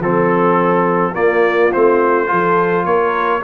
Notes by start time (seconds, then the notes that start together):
0.00 F3 C4 A4
1.14 A#3 F4 D5
1.72 A3 C4 C5
2.27 F3 F4 A4
2.86 A#3 A#4 C#5